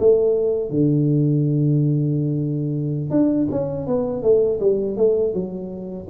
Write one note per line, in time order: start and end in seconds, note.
0.00 0.71 A3
0.71 3.11 D3
3.11 3.48 D4
3.52 3.87 C#4
3.87 4.23 B3
4.23 4.60 A3
4.61 4.97 G3
4.97 5.34 A3
5.34 6.08 F#3